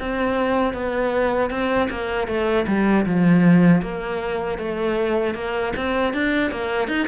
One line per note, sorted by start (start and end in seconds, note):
0.00 0.73 C4
0.73 1.50 B3
1.50 1.89 C4
1.90 2.27 A#3
2.27 2.66 A3
2.67 3.06 G3
3.06 3.82 F3
3.82 4.58 A#3
4.58 5.35 A3
5.35 5.73 A#3
5.76 6.14 C4
6.14 6.51 D4
6.51 6.88 A#3
6.88 7.07 D#4